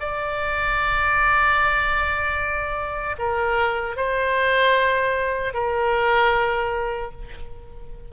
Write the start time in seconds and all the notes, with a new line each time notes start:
0.00 D5
3.18 A#4
3.97 C5
5.53 A#4